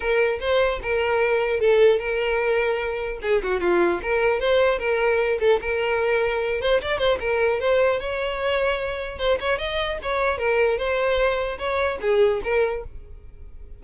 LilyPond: \new Staff \with { instrumentName = "violin" } { \time 4/4 \tempo 4 = 150 ais'4 c''4 ais'2 | a'4 ais'2. | gis'8 fis'8 f'4 ais'4 c''4 | ais'4. a'8 ais'2~ |
ais'8 c''8 d''8 c''8 ais'4 c''4 | cis''2. c''8 cis''8 | dis''4 cis''4 ais'4 c''4~ | c''4 cis''4 gis'4 ais'4 | }